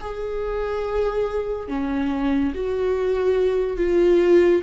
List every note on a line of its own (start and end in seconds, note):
0.00 1.68 G#4
1.68 2.53 C#4
2.54 3.77 F#4
3.77 4.61 F4